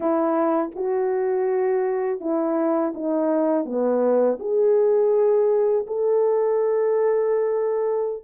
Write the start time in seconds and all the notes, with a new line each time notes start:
0.00 E4
0.75 F#4
2.20 E4
2.94 D#4
3.65 B3
4.39 G#4
5.86 A4